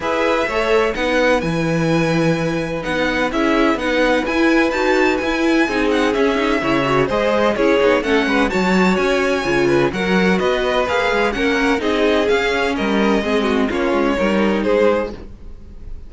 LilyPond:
<<
  \new Staff \with { instrumentName = "violin" } { \time 4/4 \tempo 4 = 127 e''2 fis''4 gis''4~ | gis''2 fis''4 e''4 | fis''4 gis''4 a''4 gis''4~ | gis''8 fis''8 e''2 dis''4 |
cis''4 fis''4 a''4 gis''4~ | gis''4 fis''4 dis''4 f''4 | fis''4 dis''4 f''4 dis''4~ | dis''4 cis''2 c''4 | }
  \new Staff \with { instrumentName = "violin" } { \time 4/4 b'4 cis''4 b'2~ | b'2. gis'4 | b'1 | gis'2 cis''4 c''4 |
gis'4 a'8 b'8 cis''2~ | cis''8 b'8 ais'4 b'2 | ais'4 gis'2 ais'4 | gis'8 fis'8 f'4 ais'4 gis'4 | }
  \new Staff \with { instrumentName = "viola" } { \time 4/4 gis'4 a'4 dis'4 e'4~ | e'2 dis'4 e'4 | dis'4 e'4 fis'4 e'4 | dis'4 cis'8 dis'8 e'8 fis'8 gis'4 |
e'8 dis'8 cis'4 fis'2 | f'4 fis'2 gis'4 | cis'4 dis'4 cis'2 | c'4 cis'4 dis'2 | }
  \new Staff \with { instrumentName = "cello" } { \time 4/4 e'4 a4 b4 e4~ | e2 b4 cis'4 | b4 e'4 dis'4 e'4 | c'4 cis'4 cis4 gis4 |
cis'8 b8 a8 gis8 fis4 cis'4 | cis4 fis4 b4 ais8 gis8 | ais4 c'4 cis'4 g4 | gis4 ais8 gis8 g4 gis4 | }
>>